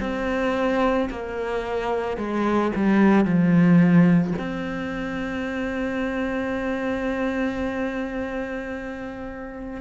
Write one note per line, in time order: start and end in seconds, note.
0.00 1.09 C4
1.10 2.17 A#3
2.17 2.72 G#3
2.76 3.25 G3
3.25 4.34 F3
4.38 9.81 C4